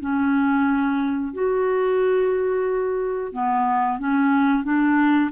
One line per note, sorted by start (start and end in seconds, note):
0.00 1.33 C#4
1.33 3.32 F#4
3.32 3.98 B3
3.98 4.64 C#4
4.64 5.30 D4